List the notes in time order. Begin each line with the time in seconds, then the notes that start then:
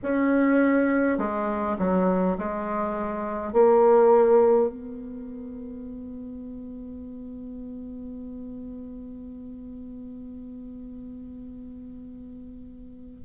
0.02 C#4
1.18 G#3
1.78 F#3
2.37 G#3
3.52 A#3
4.69 B3